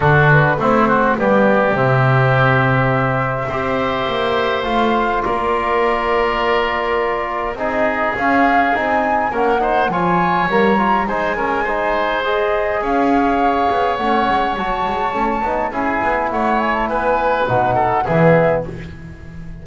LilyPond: <<
  \new Staff \with { instrumentName = "flute" } { \time 4/4 \tempo 4 = 103 a'8 b'8 c''4 d''4 e''4~ | e''1 | f''4 d''2.~ | d''4 dis''4 f''4 gis''4 |
fis''4 gis''4 ais''4 gis''4~ | gis''4 dis''4 f''2 | fis''4 a''2 gis''4 | fis''8 gis''16 a''16 gis''4 fis''4 e''4 | }
  \new Staff \with { instrumentName = "oboe" } { \time 4/4 fis'4 e'8 fis'8 g'2~ | g'2 c''2~ | c''4 ais'2.~ | ais'4 gis'2. |
ais'8 c''8 cis''2 c''8 ais'8 | c''2 cis''2~ | cis''2. gis'4 | cis''4 b'4. a'8 gis'4 | }
  \new Staff \with { instrumentName = "trombone" } { \time 4/4 d'4 c'4 b4 c'4~ | c'2 g'2 | f'1~ | f'4 dis'4 cis'4 dis'4 |
cis'8 dis'8 f'4 ais8 f'8 dis'8 cis'8 | dis'4 gis'2. | cis'4 fis'4 cis'8 dis'8 e'4~ | e'2 dis'4 b4 | }
  \new Staff \with { instrumentName = "double bass" } { \time 4/4 d4 a4 g4 c4~ | c2 c'4 ais4 | a4 ais2.~ | ais4 c'4 cis'4 c'4 |
ais4 f4 g4 gis4~ | gis2 cis'4. b8 | a8 gis8 fis8 gis8 a8 b8 cis'8 b8 | a4 b4 b,4 e4 | }
>>